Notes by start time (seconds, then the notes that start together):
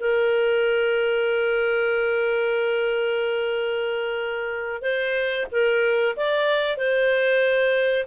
0.00 A#4
4.82 C5
5.51 A#4
6.16 D5
6.77 C5